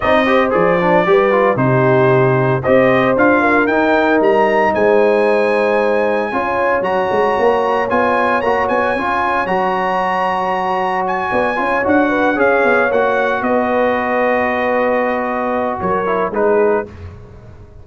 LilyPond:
<<
  \new Staff \with { instrumentName = "trumpet" } { \time 4/4 \tempo 4 = 114 dis''4 d''2 c''4~ | c''4 dis''4 f''4 g''4 | ais''4 gis''2.~ | gis''4 ais''2 gis''4 |
ais''8 gis''4. ais''2~ | ais''4 gis''4. fis''4 f''8~ | f''8 fis''4 dis''2~ dis''8~ | dis''2 cis''4 b'4 | }
  \new Staff \with { instrumentName = "horn" } { \time 4/4 d''8 c''4. b'4 g'4~ | g'4 c''4. ais'4.~ | ais'4 c''2. | cis''1~ |
cis''1~ | cis''4. d''8 cis''4 b'8 cis''8~ | cis''4. b'2~ b'8~ | b'2 ais'4 gis'4 | }
  \new Staff \with { instrumentName = "trombone" } { \time 4/4 dis'8 g'8 gis'8 d'8 g'8 f'8 dis'4~ | dis'4 g'4 f'4 dis'4~ | dis'1 | f'4 fis'2 f'4 |
fis'4 f'4 fis'2~ | fis'2 f'8 fis'4 gis'8~ | gis'8 fis'2.~ fis'8~ | fis'2~ fis'8 e'8 dis'4 | }
  \new Staff \with { instrumentName = "tuba" } { \time 4/4 c'4 f4 g4 c4~ | c4 c'4 d'4 dis'4 | g4 gis2. | cis'4 fis8 gis8 ais4 b4 |
ais8 b8 cis'4 fis2~ | fis4. b8 cis'8 d'4 cis'8 | b8 ais4 b2~ b8~ | b2 fis4 gis4 | }
>>